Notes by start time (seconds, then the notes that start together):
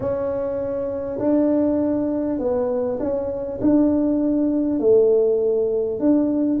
0.00 C#4
1.18 D4
2.38 B3
2.99 C#4
3.61 D4
4.79 A3
5.99 D4